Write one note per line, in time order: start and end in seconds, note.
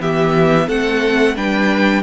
0.00 0.67 E3
0.00 0.68 B3
0.00 0.67 G4
0.00 0.69 E5
0.67 1.36 A3
0.67 1.35 C4
0.67 1.34 A4
0.67 1.36 F#5
1.36 2.03 G3
1.36 2.03 D4
1.36 2.03 B4
1.36 2.03 G5